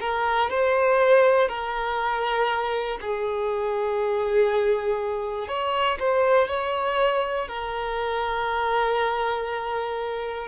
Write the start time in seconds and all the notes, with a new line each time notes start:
0.00 A#4
0.50 C5
1.48 A#4
3.01 G#4
5.48 C#5
5.99 C5
6.48 C#5
7.48 A#4